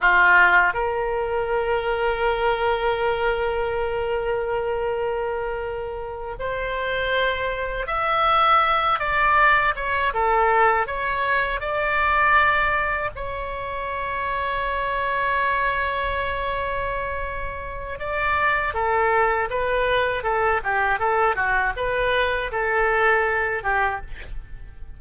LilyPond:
\new Staff \with { instrumentName = "oboe" } { \time 4/4 \tempo 4 = 80 f'4 ais'2.~ | ais'1~ | ais'8 c''2 e''4. | d''4 cis''8 a'4 cis''4 d''8~ |
d''4. cis''2~ cis''8~ | cis''1 | d''4 a'4 b'4 a'8 g'8 | a'8 fis'8 b'4 a'4. g'8 | }